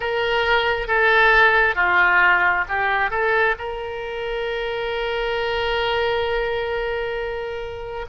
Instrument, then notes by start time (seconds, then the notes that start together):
oboe
0.00 A#4
0.87 A4
1.75 F4
2.68 G4
3.10 A4
3.58 A#4